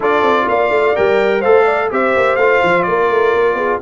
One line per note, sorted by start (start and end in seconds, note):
0.00 0.22 D4
0.00 0.95 F4
0.00 0.47 A4
0.00 0.49 D5
0.22 0.46 C4
0.48 0.70 A#3
0.48 1.40 D5
0.48 0.96 F5
0.70 0.93 A3
0.95 1.44 G3
0.95 1.42 A#4
0.95 1.41 G5
1.40 1.91 A3
1.40 1.90 A4
1.40 1.64 C5
1.40 1.89 F5
1.65 1.88 D5
1.90 2.15 C4
1.90 2.38 G4
1.90 2.87 C5
1.90 2.36 E5
2.16 2.36 A#3
2.36 2.60 A3
2.36 3.81 F4
2.36 2.82 F5
2.63 2.87 F3
2.82 3.09 A#3
2.82 3.56 A#4
2.82 3.78 D5
3.09 3.33 A3
3.34 3.54 A#3
3.54 3.78 B3
3.54 3.80 G#4